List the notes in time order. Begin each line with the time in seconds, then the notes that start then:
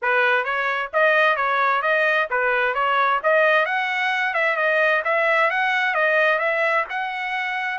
0.02 B4
0.44 C#5
0.93 D#5
1.36 C#5
1.82 D#5
2.30 B4
2.74 C#5
3.23 D#5
3.65 F#5
4.34 E5
4.56 D#5
5.04 E5
5.50 F#5
5.94 D#5
6.39 E5
6.89 F#5